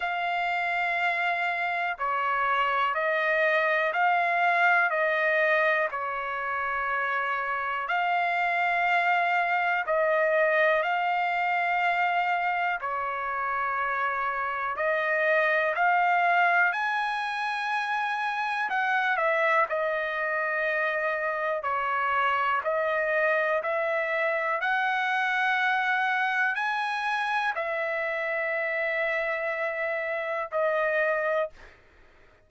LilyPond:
\new Staff \with { instrumentName = "trumpet" } { \time 4/4 \tempo 4 = 61 f''2 cis''4 dis''4 | f''4 dis''4 cis''2 | f''2 dis''4 f''4~ | f''4 cis''2 dis''4 |
f''4 gis''2 fis''8 e''8 | dis''2 cis''4 dis''4 | e''4 fis''2 gis''4 | e''2. dis''4 | }